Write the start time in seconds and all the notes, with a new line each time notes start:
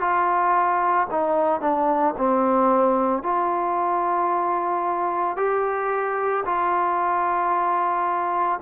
0.00 F4
1.11 D#4
1.61 D4
2.17 C4
3.22 F4
5.37 G4
6.45 F4